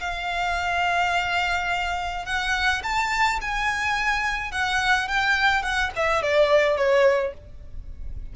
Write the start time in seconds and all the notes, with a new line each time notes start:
0.00 F5
2.25 F#5
2.83 A5
3.41 G#5
4.52 F#5
5.08 G5
5.62 F#5
5.96 E5
6.22 D5
6.76 C#5